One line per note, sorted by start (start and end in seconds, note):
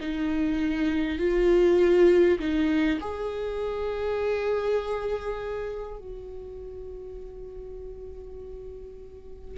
0.00 1.19 D#4
1.19 2.39 F4
2.39 2.99 D#4
3.01 5.98 G#4
5.98 9.58 F#4